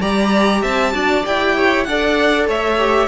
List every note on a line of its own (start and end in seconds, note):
0.00 0.63 G3
0.00 0.92 G4
0.00 0.61 D5
0.00 0.63 A#5
0.61 0.93 C4
0.61 0.92 E5
0.61 1.25 A5
0.92 1.24 D4
0.92 1.23 F#4
0.92 1.55 D5
1.23 1.86 E4
1.23 1.85 G4
1.23 1.83 G5
1.55 1.86 C#5
1.83 2.47 D4
1.83 2.78 A4
1.83 2.46 D5
1.83 2.45 F#5
2.46 3.07 A3
2.46 3.07 C#5
2.46 3.07 E5
2.78 3.07 G4